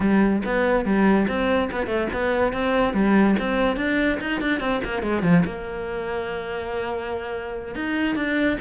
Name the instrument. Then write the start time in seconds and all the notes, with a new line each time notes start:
cello
0.00 G3
0.45 B3
0.85 G3
1.28 C4
1.71 B3
1.86 A3
2.12 B3
2.53 C4
2.93 G3
3.39 C4
3.76 D4
4.20 D#4
4.40 D4
4.60 C4
4.84 A#3
5.02 G#3
5.22 F3
5.45 A#3
7.75 D#4
8.15 D4